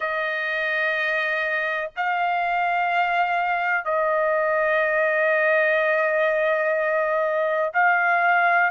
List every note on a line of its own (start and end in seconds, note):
0.00 1.90 D#5
1.96 3.84 F5
3.84 7.72 D#5
7.73 8.70 F5